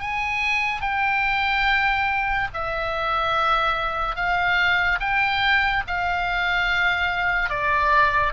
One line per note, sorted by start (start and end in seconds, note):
0.00 0.81 G#5
0.81 2.48 G5
2.54 4.16 E5
4.16 4.99 F5
5.00 5.83 G5
5.87 7.50 F5
7.50 8.33 D5